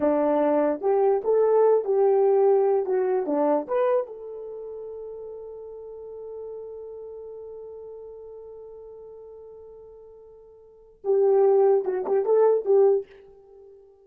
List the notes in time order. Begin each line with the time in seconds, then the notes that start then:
0.00 D4
0.81 G4
1.24 A4
1.84 G4
2.85 F#4
3.26 D4
3.67 B4
4.06 A4
11.03 G4
11.85 F#4
12.06 G4
12.25 A4
12.65 G4